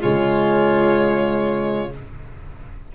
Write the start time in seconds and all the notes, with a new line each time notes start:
0.00 C#3 G#3 F4 C#5